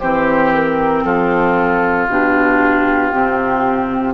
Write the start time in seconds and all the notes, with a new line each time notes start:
0.00 E3 C4 G4 C5
0.53 A#4
1.05 F3 F4 A4
2.08 B2 D4 G4
3.13 C3 C4